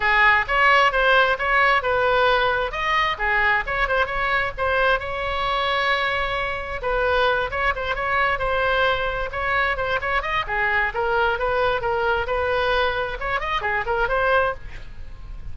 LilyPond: \new Staff \with { instrumentName = "oboe" } { \time 4/4 \tempo 4 = 132 gis'4 cis''4 c''4 cis''4 | b'2 dis''4 gis'4 | cis''8 c''8 cis''4 c''4 cis''4~ | cis''2. b'4~ |
b'8 cis''8 c''8 cis''4 c''4.~ | c''8 cis''4 c''8 cis''8 dis''8 gis'4 | ais'4 b'4 ais'4 b'4~ | b'4 cis''8 dis''8 gis'8 ais'8 c''4 | }